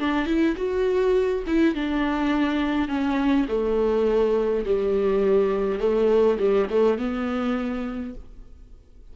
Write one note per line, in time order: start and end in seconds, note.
0.00 0.27 D4
0.27 0.56 E4
0.56 1.44 F#4
1.47 1.75 E4
1.75 2.89 D4
2.89 3.47 C#4
3.49 4.65 A3
4.65 5.80 G3
5.80 6.38 A3
6.39 6.68 G3
6.70 6.98 A3
6.98 8.15 B3